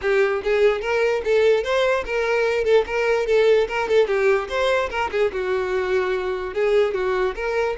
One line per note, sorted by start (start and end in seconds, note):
0.01 0.42 G4
0.43 0.81 G#4
0.81 1.21 A#4
1.24 1.63 A4
1.63 2.04 C5
2.05 2.64 A#4
2.64 2.84 A4
2.86 3.26 A#4
3.26 3.67 A4
3.67 3.88 A#4
3.88 4.07 A4
4.07 4.48 G4
4.48 4.89 C5
4.90 5.10 A#4
5.11 5.31 G#4
5.32 6.54 F#4
6.54 6.94 G#4
6.94 7.35 F#4
7.35 7.76 A#4